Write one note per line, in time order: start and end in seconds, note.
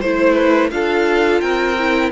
0.00 0.71 A3
0.00 0.71 E4
0.00 0.70 C5
0.00 0.34 C5
0.34 0.68 B4
0.71 1.41 D4
0.71 1.75 F4
0.71 1.41 A4
0.71 1.40 F5
1.40 2.11 C4
1.40 2.11 A#4
1.40 2.10 G5
1.78 2.11 E4